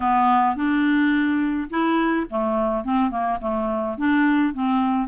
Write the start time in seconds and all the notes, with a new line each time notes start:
0.00 B3
0.55 D4
1.70 E4
2.30 A3
2.84 C4
3.10 A#3
3.41 A3
3.97 D4
4.53 C4